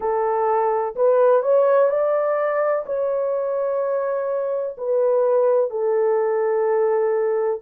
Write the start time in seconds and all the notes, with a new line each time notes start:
0.00 A4
0.95 B4
1.42 C#5
1.89 D5
2.86 C#5
4.77 B4
5.70 A4